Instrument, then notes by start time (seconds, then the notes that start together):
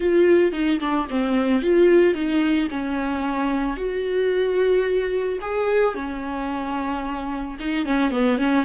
viola
0.00 F4
0.52 D#4
0.80 D4
1.10 C4
1.62 F4
2.14 D#4
2.70 C#4
3.76 F#4
5.41 G#4
5.95 C#4
7.59 D#4
7.85 C#4
8.11 B3
8.38 C#4